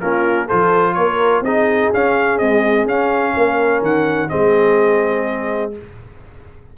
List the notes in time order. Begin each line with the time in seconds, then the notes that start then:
0.00 A#3 C#4 F4 A#4
0.46 F3 F4 A4 C5
0.94 A#3 A#4 C#5
1.41 C4 D#4 G#4 D#5
1.93 C#4 F5
2.38 G#3 C4 D#5
2.86 C#4 F5
3.37 A#3 A#4
3.81 D#3 F#5
4.29 G#3 C4 G#4 D#5